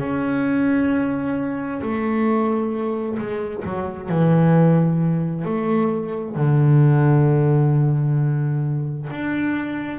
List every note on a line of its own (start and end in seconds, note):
0.00 1.82 C#4
1.82 3.18 A3
3.19 3.64 G#3
3.65 4.09 F#3
4.09 5.45 E3
5.45 6.36 A3
6.36 9.08 D3
9.11 10.00 D4